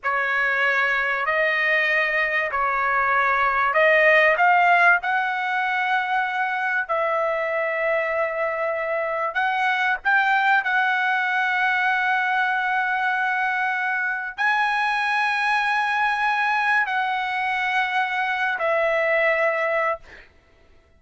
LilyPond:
\new Staff \with { instrumentName = "trumpet" } { \time 4/4 \tempo 4 = 96 cis''2 dis''2 | cis''2 dis''4 f''4 | fis''2. e''4~ | e''2. fis''4 |
g''4 fis''2.~ | fis''2. gis''4~ | gis''2. fis''4~ | fis''4.~ fis''16 e''2~ e''16 | }